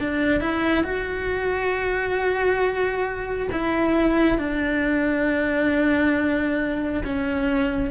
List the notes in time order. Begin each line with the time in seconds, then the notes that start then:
0.00 D4
0.41 E4
0.84 F#4
3.52 E4
4.38 D4
7.05 C#4